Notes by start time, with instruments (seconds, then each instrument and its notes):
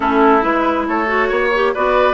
0.00 bassoon A3, clarinet C#4, oboe E4, flute A4
0.41 bassoon G#3, clarinet E4, flute B4
0.87 bassoon A3, oboe A4, flute C#5
1.06 clarinet F#4
1.29 bassoon A#3, oboe C#5
1.54 clarinet G4
1.74 bassoon B3, clarinet F#4, oboe B4, flute D5